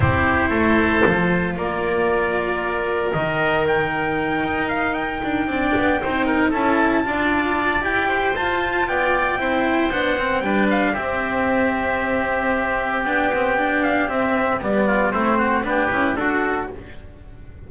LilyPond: <<
  \new Staff \with { instrumentName = "trumpet" } { \time 4/4 \tempo 4 = 115 c''2. d''4~ | d''2 dis''4 g''4~ | g''4 f''8 g''2~ g''8~ | g''8 a''2~ a''8 g''4 |
a''4 g''2 fis''4 | g''8 f''8 e''2.~ | e''4 g''4. f''8 e''4 | d''4 c''4 b'4 a'4 | }
  \new Staff \with { instrumentName = "oboe" } { \time 4/4 g'4 a'2 ais'4~ | ais'1~ | ais'2~ ais'8 d''4 c''8 | ais'8 a'4 d''2 c''8~ |
c''4 d''4 c''2 | b'4 g'2.~ | g'1~ | g'8 f'8 e'8 fis'8 g'4 fis'4 | }
  \new Staff \with { instrumentName = "cello" } { \time 4/4 e'2 f'2~ | f'2 dis'2~ | dis'2~ dis'8 d'4 dis'8~ | dis'8 e'4 f'4. g'4 |
f'2 e'4 d'8 c'8 | d'4 c'2.~ | c'4 d'8 c'8 d'4 c'4 | b4 c'4 d'8 e'8 fis'4 | }
  \new Staff \with { instrumentName = "double bass" } { \time 4/4 c'4 a4 f4 ais4~ | ais2 dis2~ | dis8 dis'4. d'8 c'8 b8 c'8~ | c'8 cis'4 d'4. e'4 |
f'4 b4 c'4 b4 | g4 c'2.~ | c'4 b2 c'4 | g4 a4 b8 cis'8 d'4 | }
>>